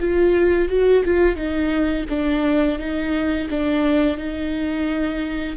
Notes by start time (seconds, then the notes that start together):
0.00 F4
0.69 F#4
1.05 F4
1.36 D#4
2.09 D4
2.79 D#4
3.50 D4
4.17 D#4